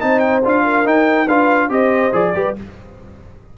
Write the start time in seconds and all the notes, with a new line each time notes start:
0.00 C4 D#4 C5 A5
0.19 G5
0.45 D4 F4 F5
0.64 A#4
0.85 D#4 G5
1.27 D4 F4 B4 F5
1.68 C4 G4 C5 D#5
2.13 F3 G#4 D5
2.35 G3 G4 B4